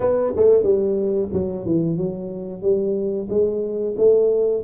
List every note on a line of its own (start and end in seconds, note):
0.00 0.33 B3
0.36 0.63 A3
0.63 1.29 G3
1.32 1.65 F#3
1.65 1.97 E3
1.97 2.62 F#3
2.62 3.28 G3
3.29 3.95 G#3
3.97 4.63 A3